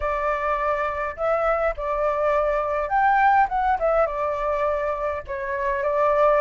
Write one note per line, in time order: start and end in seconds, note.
0.00 1.15 D5
1.16 1.74 E5
1.76 2.88 D5
2.88 3.47 G5
3.48 3.78 F#5
3.79 4.06 E5
4.06 5.23 D5
5.27 5.83 C#5
5.83 6.41 D5